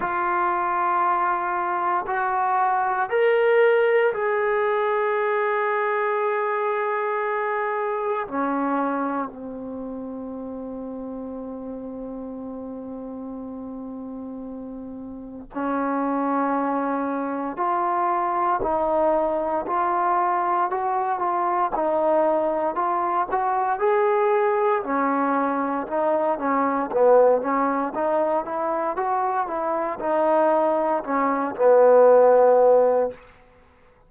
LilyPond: \new Staff \with { instrumentName = "trombone" } { \time 4/4 \tempo 4 = 58 f'2 fis'4 ais'4 | gis'1 | cis'4 c'2.~ | c'2. cis'4~ |
cis'4 f'4 dis'4 f'4 | fis'8 f'8 dis'4 f'8 fis'8 gis'4 | cis'4 dis'8 cis'8 b8 cis'8 dis'8 e'8 | fis'8 e'8 dis'4 cis'8 b4. | }